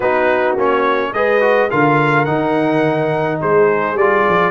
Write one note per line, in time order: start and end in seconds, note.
0.00 0.56 B3
0.00 0.57 D#4
0.00 1.10 F#4
0.00 0.56 B4
0.56 1.13 A#3
0.56 1.14 C#4
0.56 1.13 C#5
1.13 1.69 G#3
1.13 1.40 G#4
1.13 1.71 B4
1.13 1.70 D#5
1.40 1.69 F#4
1.70 2.27 D3
1.70 2.26 F4
1.70 3.40 A#4
1.70 2.25 F5
2.25 3.40 D#3
2.25 3.96 D#4
2.25 3.38 F#5
3.40 3.94 G#3
3.40 4.51 G#4
3.40 3.97 C5
3.94 4.23 G3
3.94 4.51 F4
3.94 4.51 D5
4.28 4.51 F3